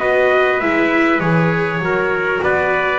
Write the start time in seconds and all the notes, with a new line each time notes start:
0.00 B3 F#4 B4 D#5
0.60 G#3 E4 E5
1.20 E3 G#4 C#5
1.79 F#3 F#4 A#4
2.44 B3 B4 D5